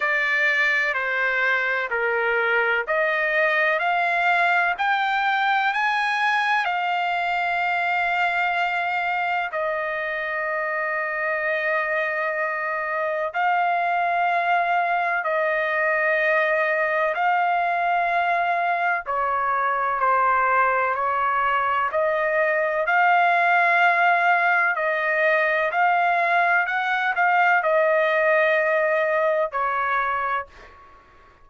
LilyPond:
\new Staff \with { instrumentName = "trumpet" } { \time 4/4 \tempo 4 = 63 d''4 c''4 ais'4 dis''4 | f''4 g''4 gis''4 f''4~ | f''2 dis''2~ | dis''2 f''2 |
dis''2 f''2 | cis''4 c''4 cis''4 dis''4 | f''2 dis''4 f''4 | fis''8 f''8 dis''2 cis''4 | }